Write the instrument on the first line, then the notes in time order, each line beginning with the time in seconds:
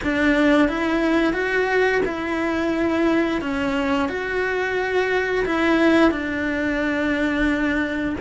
cello
0.03 D4
0.68 E4
1.33 F#4
2.05 E4
3.41 C#4
4.08 F#4
5.45 E4
6.11 D4